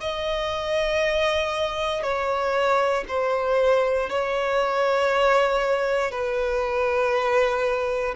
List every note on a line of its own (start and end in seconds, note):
0.00 2.02 D#5
2.02 3.04 C#5
3.08 4.09 C5
4.09 6.11 C#5
6.11 8.14 B4